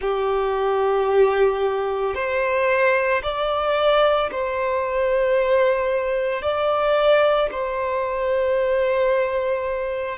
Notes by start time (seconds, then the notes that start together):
0.00 G4
2.14 C5
3.22 D5
4.31 C5
6.41 D5
7.51 C5